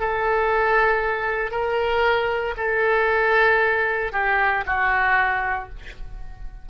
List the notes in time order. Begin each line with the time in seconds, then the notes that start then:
0.00 A4
1.51 A#4
2.57 A4
4.13 G4
4.66 F#4